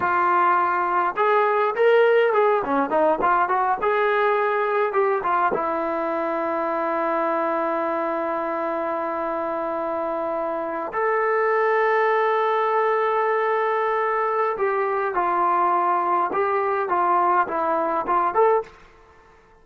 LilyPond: \new Staff \with { instrumentName = "trombone" } { \time 4/4 \tempo 4 = 103 f'2 gis'4 ais'4 | gis'8 cis'8 dis'8 f'8 fis'8 gis'4.~ | gis'8 g'8 f'8 e'2~ e'8~ | e'1~ |
e'2~ e'8. a'4~ a'16~ | a'1~ | a'4 g'4 f'2 | g'4 f'4 e'4 f'8 a'8 | }